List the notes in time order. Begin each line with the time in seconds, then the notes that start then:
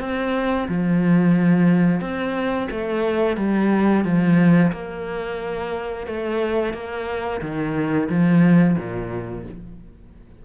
0.00 C4
0.69 F3
2.01 C4
2.71 A3
3.37 G3
4.04 F3
4.72 A#3
6.07 A3
6.74 A#3
7.41 D#3
8.09 F3
8.78 A#2